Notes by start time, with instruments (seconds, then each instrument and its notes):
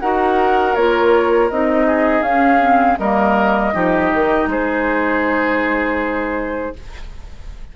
0.00 bassoon D#4, clarinet F#4, oboe A#4, flute F#5
0.75 bassoon A#3, clarinet F4, flute C#5
1.50 bassoon C4, clarinet D#4, flute D#5
1.87 oboe G#4
2.21 bassoon C#4, clarinet C#4, flute F5
2.60 clarinet C4
2.98 bassoon G3, clarinet A#3, oboe A#4, flute D#5
3.73 bassoon F3, clarinet D#4, oboe G4
4.14 bassoon D#3
4.47 bassoon G#3, oboe G#4, flute C5